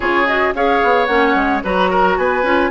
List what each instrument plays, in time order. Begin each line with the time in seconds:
0.00 bassoon C#3, clarinet F4, oboe G#4, flute C#5
0.26 clarinet F#4, flute D#5
0.54 bassoon C#4, clarinet G#4, oboe C#5, flute F5
0.83 bassoon B3
1.06 bassoon A#3, clarinet C#4, flute F#5
1.35 bassoon G#3
1.63 bassoon F#3, clarinet F#4, oboe B4, flute A#5
1.90 oboe A#4
2.17 bassoon B3, oboe B4, flute G#5
2.42 bassoon C#4, clarinet F4